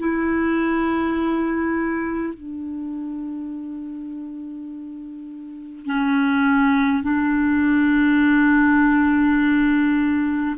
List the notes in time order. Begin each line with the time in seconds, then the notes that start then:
0.00 E4
2.34 D4
5.86 C#4
7.03 D4